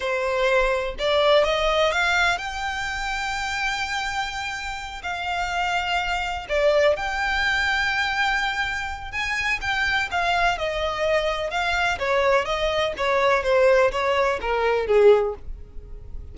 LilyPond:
\new Staff \with { instrumentName = "violin" } { \time 4/4 \tempo 4 = 125 c''2 d''4 dis''4 | f''4 g''2.~ | g''2~ g''8 f''4.~ | f''4. d''4 g''4.~ |
g''2. gis''4 | g''4 f''4 dis''2 | f''4 cis''4 dis''4 cis''4 | c''4 cis''4 ais'4 gis'4 | }